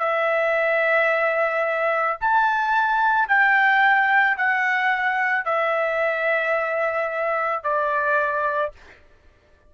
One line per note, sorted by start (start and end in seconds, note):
0.00 2.18 E5
2.21 3.29 A5
3.29 4.37 G5
4.37 5.45 F#5
5.45 7.64 E5
7.64 8.73 D5